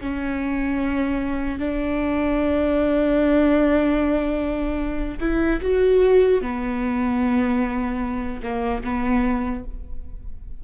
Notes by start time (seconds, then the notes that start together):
0.00 C#4
1.59 D4
5.20 E4
5.61 F#4
6.41 B3
8.42 A#3
8.83 B3